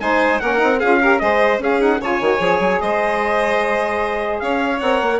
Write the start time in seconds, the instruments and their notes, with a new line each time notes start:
0.00 bassoon G#3, saxophone D#4, violin C5, trumpet G#5
0.39 bassoon A#3, saxophone C#4, violin A#4, trumpet F#5
0.56 saxophone D#4
0.62 bassoon C4
0.79 bassoon C#4, saxophone F4, violin G#4, trumpet F5
1.01 saxophone G4, violin A#4
1.18 bassoon G#3, saxophone G#4, violin C5, trumpet D#5
1.59 bassoon C#4, saxophone C#4, violin G#4, trumpet F5
1.79 saxophone D#4, trumpet F#5
2.01 bassoon C#3, saxophone F4, violin C#5, trumpet G#5
2.20 bassoon D#3, saxophone F#4
2.37 bassoon F3, saxophone G#4
2.59 bassoon F#3
2.80 bassoon G#3, violin C5, trumpet D#5
4.40 bassoon C#4, violin C#5, trumpet F5
4.80 bassoon C4, saxophone A#4, trumpet F#5
5.02 bassoon A#3